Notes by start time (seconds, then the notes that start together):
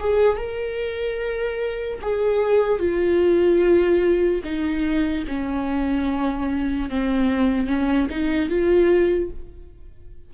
0.00 G#4
0.37 A#4
2.01 G#4
2.79 F4
4.44 D#4
5.27 C#4
6.90 C4
7.67 C#4
8.10 D#4
8.49 F4